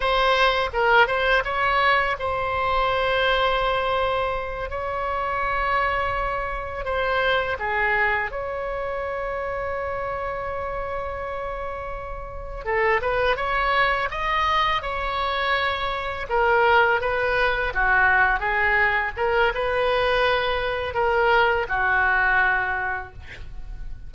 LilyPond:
\new Staff \with { instrumentName = "oboe" } { \time 4/4 \tempo 4 = 83 c''4 ais'8 c''8 cis''4 c''4~ | c''2~ c''8 cis''4.~ | cis''4. c''4 gis'4 cis''8~ | cis''1~ |
cis''4. a'8 b'8 cis''4 dis''8~ | dis''8 cis''2 ais'4 b'8~ | b'8 fis'4 gis'4 ais'8 b'4~ | b'4 ais'4 fis'2 | }